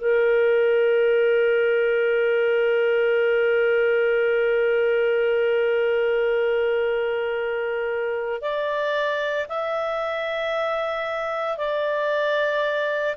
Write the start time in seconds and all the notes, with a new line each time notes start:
0.00 A#4
8.41 D5
9.48 E5
11.57 D5